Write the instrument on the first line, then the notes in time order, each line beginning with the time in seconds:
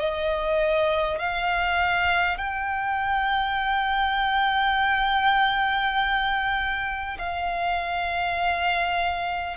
violin
0.00 D#5
1.19 F5
2.38 G5
7.19 F5